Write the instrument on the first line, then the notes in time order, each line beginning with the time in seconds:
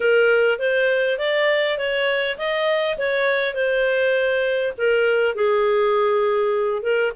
clarinet
0.00 A#4
0.59 C5
1.18 D5
1.78 C#5
2.38 D#5
2.97 C#5
3.54 C5
4.77 A#4
5.35 G#4
6.82 A#4